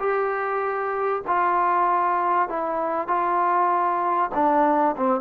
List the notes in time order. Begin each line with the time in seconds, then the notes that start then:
0.00 G4
1.27 F4
2.49 E4
3.08 F4
4.35 D4
4.97 C4